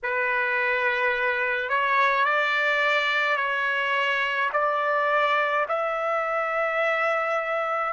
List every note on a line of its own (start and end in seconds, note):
0.03 1.69 B4
1.69 2.24 C#5
2.24 3.36 D5
3.36 4.49 C#5
4.52 5.66 D5
5.68 7.92 E5